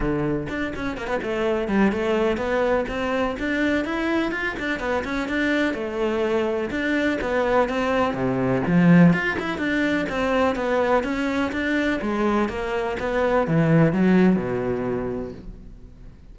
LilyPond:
\new Staff \with { instrumentName = "cello" } { \time 4/4 \tempo 4 = 125 d4 d'8 cis'8 ais16 b16 a4 g8 | a4 b4 c'4 d'4 | e'4 f'8 d'8 b8 cis'8 d'4 | a2 d'4 b4 |
c'4 c4 f4 f'8 e'8 | d'4 c'4 b4 cis'4 | d'4 gis4 ais4 b4 | e4 fis4 b,2 | }